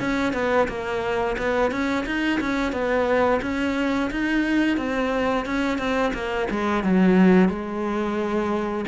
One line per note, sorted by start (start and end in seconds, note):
0.00 0.33 C#4
0.33 0.68 B3
0.68 1.36 A#3
1.38 1.71 B3
1.71 2.05 C#4
2.06 2.40 D#4
2.40 2.72 C#4
2.72 3.41 B3
3.42 4.10 C#4
4.11 4.77 D#4
4.77 5.45 C4
5.45 5.78 C#4
5.78 6.12 C4
6.14 6.48 A#3
6.51 6.84 G#3
6.84 7.49 F#3
7.49 8.85 G#3